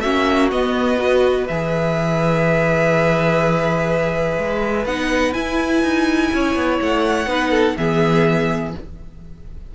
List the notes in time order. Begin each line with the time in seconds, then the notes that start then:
0.00 A#3 C#4 F#4 E5
0.51 B3 D#5
0.97 F#4 B4
1.47 E3 G#4 E5
4.37 G#3
4.85 B3 D#4 F#5
5.33 E4 G#5
5.82 D#4
6.32 C#4 C#5
6.55 B3
6.81 A3 F#5
7.25 B3 D#4 B4
7.50 A4
7.77 E3 B3 G#4 E5